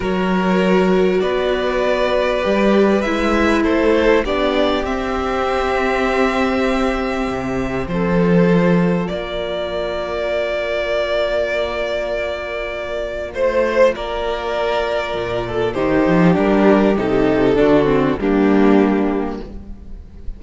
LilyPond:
<<
  \new Staff \with { instrumentName = "violin" } { \time 4/4 \tempo 4 = 99 cis''2 d''2~ | d''4 e''4 c''4 d''4 | e''1~ | e''4 c''2 d''4~ |
d''1~ | d''2 c''4 d''4~ | d''2 c''4 ais'4 | a'2 g'2 | }
  \new Staff \with { instrumentName = "violin" } { \time 4/4 ais'2 b'2~ | b'2 a'4 g'4~ | g'1~ | g'4 a'2 ais'4~ |
ais'1~ | ais'2 c''4 ais'4~ | ais'4. a'8 g'2~ | g'4 fis'4 d'2 | }
  \new Staff \with { instrumentName = "viola" } { \time 4/4 fis'1 | g'4 e'2 d'4 | c'1~ | c'2 f'2~ |
f'1~ | f'1~ | f'2 dis'4 d'4 | dis'4 d'8 c'8 ais2 | }
  \new Staff \with { instrumentName = "cello" } { \time 4/4 fis2 b2 | g4 gis4 a4 b4 | c'1 | c4 f2 ais4~ |
ais1~ | ais2 a4 ais4~ | ais4 ais,4 dis8 f8 g4 | c4 d4 g2 | }
>>